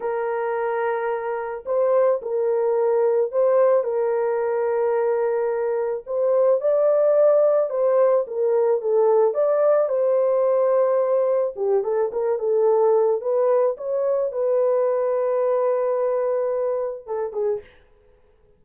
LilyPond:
\new Staff \with { instrumentName = "horn" } { \time 4/4 \tempo 4 = 109 ais'2. c''4 | ais'2 c''4 ais'4~ | ais'2. c''4 | d''2 c''4 ais'4 |
a'4 d''4 c''2~ | c''4 g'8 a'8 ais'8 a'4. | b'4 cis''4 b'2~ | b'2. a'8 gis'8 | }